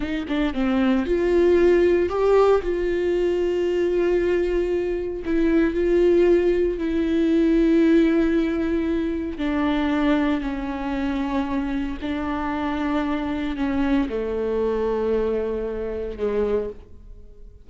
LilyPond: \new Staff \with { instrumentName = "viola" } { \time 4/4 \tempo 4 = 115 dis'8 d'8 c'4 f'2 | g'4 f'2.~ | f'2 e'4 f'4~ | f'4 e'2.~ |
e'2 d'2 | cis'2. d'4~ | d'2 cis'4 a4~ | a2. gis4 | }